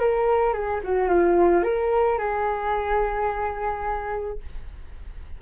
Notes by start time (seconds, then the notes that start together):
0.00 A#4
0.54 G#4
0.84 F#4
1.09 F4
1.64 A#4
2.19 G#4